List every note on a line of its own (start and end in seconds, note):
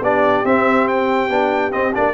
0.00 0.43 B3
0.00 0.45 D4
0.00 2.13 G4
0.00 0.45 D5
0.44 1.29 C4
0.44 1.30 C4
0.44 0.87 E5
0.87 1.72 G5
1.29 1.72 B3
1.29 1.71 D4
1.71 1.92 C4
1.71 1.94 C4
1.71 1.93 D#5
1.94 2.13 A#3
1.94 2.13 D4
1.94 2.13 D5